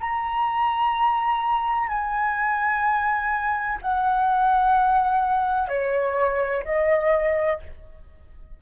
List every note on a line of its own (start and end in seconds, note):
0.00 1.87 A#5
1.87 3.78 G#5
3.81 5.68 F#5
5.68 6.63 C#5
6.64 7.59 D#5